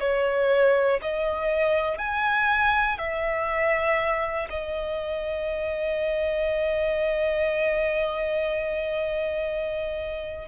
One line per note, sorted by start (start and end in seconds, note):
0.00 1.00 C#5
1.02 1.99 D#5
1.99 2.98 G#5
2.98 4.48 E5
4.50 10.48 D#5